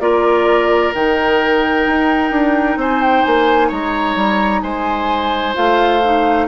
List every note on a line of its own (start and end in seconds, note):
0.00 0.92 A#3
0.00 0.93 F4
0.00 2.79 A#4
0.00 0.93 D5
0.94 1.87 D#3
0.94 5.55 D#4
0.94 2.79 G5
1.87 2.31 D#4
2.31 2.77 D4
2.77 3.23 C4
2.77 3.68 C5
2.77 3.02 G#5
3.02 3.24 G5
3.24 3.71 A#3
3.24 3.70 G#5
3.68 4.16 G#3
3.68 4.61 C#5
3.68 4.62 A#5
4.16 4.62 G3
4.62 5.55 G#3
4.62 6.48 C5
4.62 5.54 G#5
5.55 6.48 A3
5.55 6.01 F4
5.55 6.48 F5
6.04 6.48 D#4